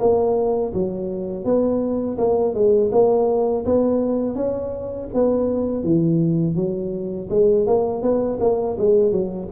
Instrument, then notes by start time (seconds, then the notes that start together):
tuba
0.00 A#3
0.74 F#3
1.45 B3
2.18 A#3
2.54 G#3
2.92 A#3
3.66 B3
4.35 C#4
5.14 B3
5.84 E3
6.56 F#3
7.30 G#3
7.67 A#3
8.02 B3
8.40 A#3
8.78 G#3
9.12 F#3